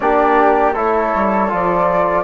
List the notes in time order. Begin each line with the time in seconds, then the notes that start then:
0.00 A#3 D4 G4 D5
0.74 A3 E4 A4 C#5
1.14 G3
1.48 F3 F4 D5